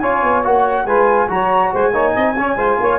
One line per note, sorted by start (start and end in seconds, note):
0.00 0.23 C#4
0.00 0.44 F4
0.00 0.86 C#5
0.00 0.43 G#5
0.23 0.45 B3
0.44 0.86 A#3
0.44 0.87 F#4
0.44 0.86 F#5
0.86 1.28 G#3
0.86 1.29 F4
0.86 1.29 B4
0.86 1.29 G#5
1.29 1.72 F#3
1.29 1.93 F#4
1.29 1.72 C#5
1.29 1.73 A#5
1.72 1.93 G#3
1.72 1.92 C5
1.72 2.99 G#5
1.92 2.14 A#3
1.92 2.36 D#4
1.92 2.13 C#5
2.14 2.37 C4
2.14 2.35 D#5
2.37 2.56 C#4
2.37 2.57 C#4
2.37 2.57 C#5
2.56 2.78 G#3
2.56 2.99 F4
2.56 2.78 C5
2.80 2.99 A#3
2.80 2.99 C#5